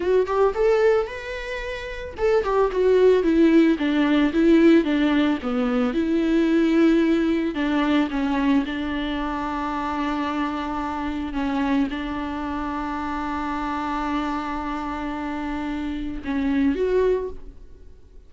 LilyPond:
\new Staff \with { instrumentName = "viola" } { \time 4/4 \tempo 4 = 111 fis'8 g'8 a'4 b'2 | a'8 g'8 fis'4 e'4 d'4 | e'4 d'4 b4 e'4~ | e'2 d'4 cis'4 |
d'1~ | d'4 cis'4 d'2~ | d'1~ | d'2 cis'4 fis'4 | }